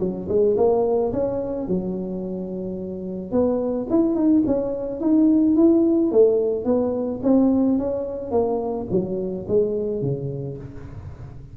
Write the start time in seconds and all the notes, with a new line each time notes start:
0.00 F#3
0.29 G#3
0.57 A#3
1.13 C#4
1.68 F#3
3.32 B3
3.90 E4
4.16 D#4
4.47 C#4
5.01 D#4
5.57 E4
6.12 A3
6.65 B3
7.23 C4
7.79 C#4
8.32 A#3
8.91 F#3
9.48 G#3
10.02 C#3